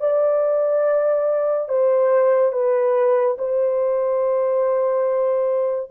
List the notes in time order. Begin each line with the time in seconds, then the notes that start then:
0.00 D5
1.69 C5
2.52 B4
3.38 C5